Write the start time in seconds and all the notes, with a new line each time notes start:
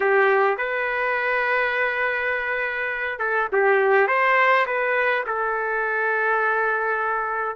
0.00 G4
0.57 B4
3.19 A4
3.52 G4
4.07 C5
4.66 B4
5.26 A4